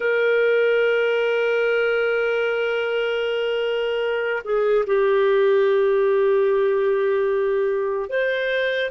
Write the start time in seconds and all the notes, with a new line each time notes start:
0.00 A#4
4.44 G#4
4.86 G4
8.09 C5